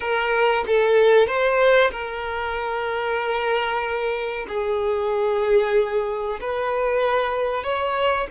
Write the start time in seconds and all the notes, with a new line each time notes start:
0.00 A#4
0.66 A4
1.27 C5
1.91 A#4
4.48 G#4
6.40 B4
7.63 C#5